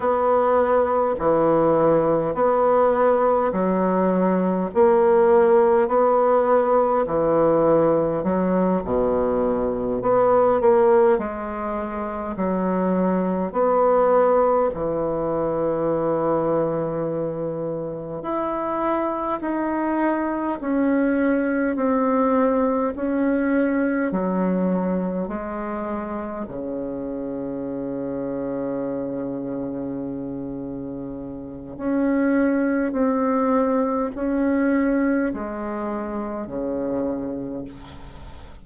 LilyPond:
\new Staff \with { instrumentName = "bassoon" } { \time 4/4 \tempo 4 = 51 b4 e4 b4 fis4 | ais4 b4 e4 fis8 b,8~ | b,8 b8 ais8 gis4 fis4 b8~ | b8 e2. e'8~ |
e'8 dis'4 cis'4 c'4 cis'8~ | cis'8 fis4 gis4 cis4.~ | cis2. cis'4 | c'4 cis'4 gis4 cis4 | }